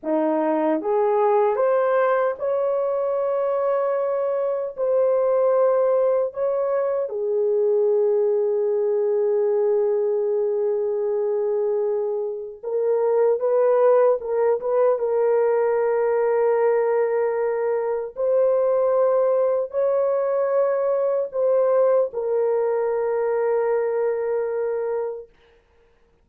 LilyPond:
\new Staff \with { instrumentName = "horn" } { \time 4/4 \tempo 4 = 76 dis'4 gis'4 c''4 cis''4~ | cis''2 c''2 | cis''4 gis'2.~ | gis'1 |
ais'4 b'4 ais'8 b'8 ais'4~ | ais'2. c''4~ | c''4 cis''2 c''4 | ais'1 | }